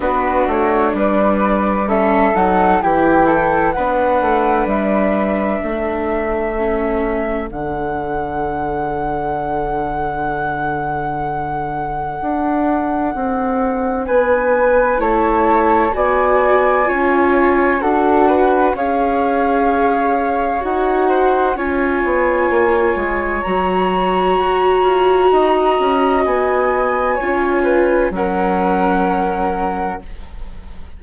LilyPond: <<
  \new Staff \with { instrumentName = "flute" } { \time 4/4 \tempo 4 = 64 b'8 cis''8 d''4 e''8 fis''8 g''4 | fis''4 e''2. | fis''1~ | fis''2. gis''4 |
a''4 gis''2 fis''4 | f''2 fis''4 gis''4~ | gis''4 ais''2. | gis''2 fis''2 | }
  \new Staff \with { instrumentName = "flute" } { \time 4/4 fis'4 b'4 a'4 g'8 a'8 | b'2 a'2~ | a'1~ | a'2. b'4 |
cis''4 d''4 cis''4 a'8 b'8 | cis''2~ cis''8 c''8 cis''4~ | cis''2. dis''4~ | dis''4 cis''8 b'8 ais'2 | }
  \new Staff \with { instrumentName = "viola" } { \time 4/4 d'2 cis'8 dis'8 e'4 | d'2. cis'4 | d'1~ | d'1 |
e'4 fis'4 f'4 fis'4 | gis'2 fis'4 f'4~ | f'4 fis'2.~ | fis'4 f'4 cis'2 | }
  \new Staff \with { instrumentName = "bassoon" } { \time 4/4 b8 a8 g4. fis8 e4 | b8 a8 g4 a2 | d1~ | d4 d'4 c'4 b4 |
a4 b4 cis'4 d'4 | cis'2 dis'4 cis'8 b8 | ais8 gis8 fis4 fis'8 f'8 dis'8 cis'8 | b4 cis'4 fis2 | }
>>